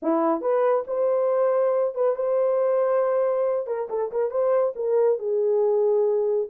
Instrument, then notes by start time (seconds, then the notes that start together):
horn
0.02 E4
0.41 B4
0.87 C5
1.94 B4
2.15 C5
3.67 A#4
3.89 A4
4.11 A#4
4.30 C5
4.75 A#4
5.18 G#4